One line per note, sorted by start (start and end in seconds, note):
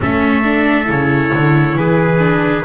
0.00 0.88 A3
0.00 0.42 C#4
0.00 1.78 A4
0.00 0.90 E5
0.44 0.84 D4
0.84 1.32 C#3
0.84 2.17 E4
0.84 1.77 C#5
1.33 1.75 D3
1.75 2.63 E3
1.75 2.64 G#4
1.75 2.64 B4
2.18 2.62 D4